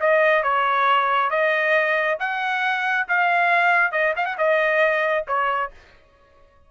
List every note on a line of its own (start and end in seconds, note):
0.00 0.43 D#5
0.43 1.30 C#5
1.30 2.17 D#5
2.19 3.07 F#5
3.08 3.92 F5
3.92 4.13 D#5
4.16 4.25 F5
4.25 4.36 F#5
4.38 5.25 D#5
5.27 5.71 C#5